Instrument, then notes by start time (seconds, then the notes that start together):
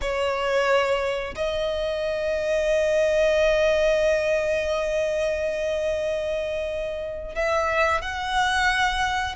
violin
0.01 C#5
1.35 D#5
7.35 E5
8.02 F#5